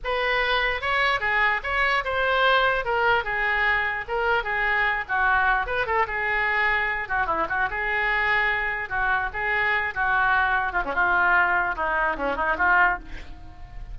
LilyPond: \new Staff \with { instrumentName = "oboe" } { \time 4/4 \tempo 4 = 148 b'2 cis''4 gis'4 | cis''4 c''2 ais'4 | gis'2 ais'4 gis'4~ | gis'8 fis'4. b'8 a'8 gis'4~ |
gis'4. fis'8 e'8 fis'8 gis'4~ | gis'2 fis'4 gis'4~ | gis'8 fis'2 f'16 cis'16 f'4~ | f'4 dis'4 cis'8 dis'8 f'4 | }